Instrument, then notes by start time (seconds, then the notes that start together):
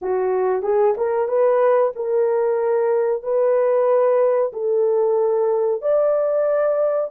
horn
0.01 F#4
0.62 G#4
0.97 A#4
1.28 B4
1.95 A#4
3.23 B4
4.52 A4
5.81 D5